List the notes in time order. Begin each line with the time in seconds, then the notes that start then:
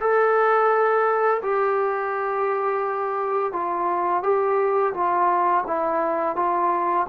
0.00 A4
1.42 G4
3.53 F4
4.23 G4
4.93 F4
5.67 E4
6.36 F4